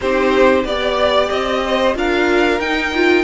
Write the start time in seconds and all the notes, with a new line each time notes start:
0.00 C4 D#4 G4 C5
0.63 B3 G4 D5
1.29 C4 D#5
1.65 C5
1.95 D4 F4 A#4 F5
2.59 D#4 G5
2.94 F4